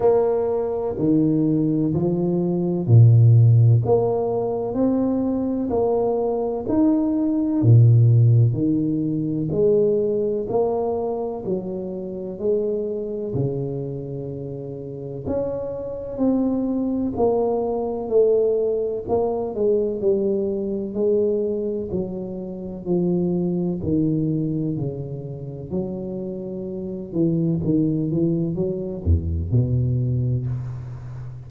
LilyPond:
\new Staff \with { instrumentName = "tuba" } { \time 4/4 \tempo 4 = 63 ais4 dis4 f4 ais,4 | ais4 c'4 ais4 dis'4 | ais,4 dis4 gis4 ais4 | fis4 gis4 cis2 |
cis'4 c'4 ais4 a4 | ais8 gis8 g4 gis4 fis4 | f4 dis4 cis4 fis4~ | fis8 e8 dis8 e8 fis8 e,8 b,4 | }